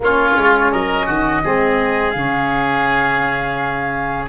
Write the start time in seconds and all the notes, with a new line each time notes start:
0.00 A#3 C#4 F4 C#5
0.37 G#3
0.71 F#3 A#4 D#5
1.06 D#3 F#4
1.43 G#3 C4 G#4
2.10 C#3 C#4 F5